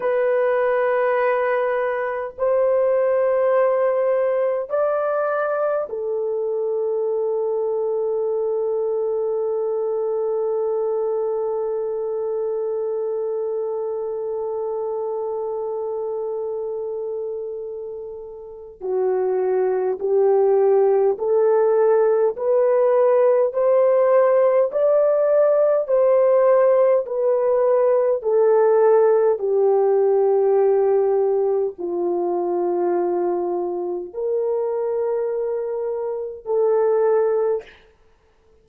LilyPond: \new Staff \with { instrumentName = "horn" } { \time 4/4 \tempo 4 = 51 b'2 c''2 | d''4 a'2.~ | a'1~ | a'1 |
fis'4 g'4 a'4 b'4 | c''4 d''4 c''4 b'4 | a'4 g'2 f'4~ | f'4 ais'2 a'4 | }